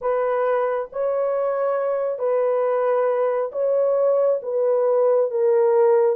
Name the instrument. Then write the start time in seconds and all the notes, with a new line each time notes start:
horn
0.01 B4
0.92 C#5
2.19 B4
3.52 C#5
4.42 B4
5.31 A#4